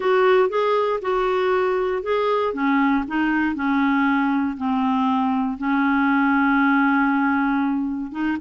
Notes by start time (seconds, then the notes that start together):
0.00 F#4
0.49 G#4
1.01 F#4
2.02 G#4
2.53 C#4
3.07 D#4
3.55 C#4
4.57 C4
5.57 C#4
8.11 D#4